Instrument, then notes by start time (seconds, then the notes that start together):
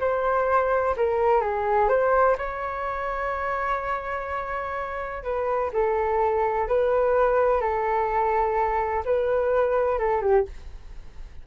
flute
0.00 C5
0.96 A#4
1.41 G#4
1.89 C5
2.38 C#5
5.23 B4
5.73 A4
6.68 B4
7.61 A4
9.05 B4
9.98 A4
10.21 G4